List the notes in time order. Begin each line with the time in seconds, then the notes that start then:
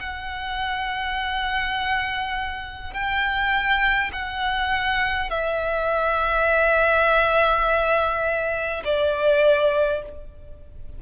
0.00 F#5
2.93 G5
4.12 F#5
5.30 E5
8.84 D5